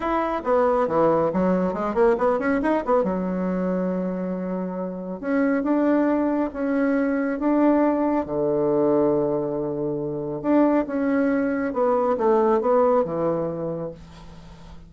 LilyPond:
\new Staff \with { instrumentName = "bassoon" } { \time 4/4 \tempo 4 = 138 e'4 b4 e4 fis4 | gis8 ais8 b8 cis'8 dis'8 b8 fis4~ | fis1 | cis'4 d'2 cis'4~ |
cis'4 d'2 d4~ | d1 | d'4 cis'2 b4 | a4 b4 e2 | }